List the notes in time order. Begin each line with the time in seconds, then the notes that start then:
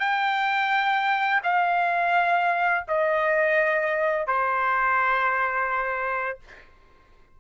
0.00 G5
1.44 F5
2.88 D#5
4.27 C5